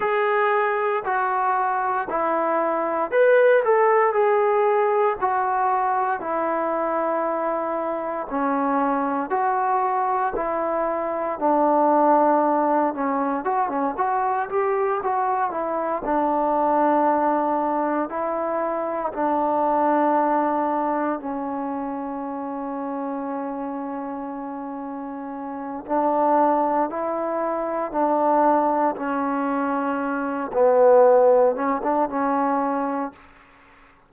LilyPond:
\new Staff \with { instrumentName = "trombone" } { \time 4/4 \tempo 4 = 58 gis'4 fis'4 e'4 b'8 a'8 | gis'4 fis'4 e'2 | cis'4 fis'4 e'4 d'4~ | d'8 cis'8 fis'16 cis'16 fis'8 g'8 fis'8 e'8 d'8~ |
d'4. e'4 d'4.~ | d'8 cis'2.~ cis'8~ | cis'4 d'4 e'4 d'4 | cis'4. b4 cis'16 d'16 cis'4 | }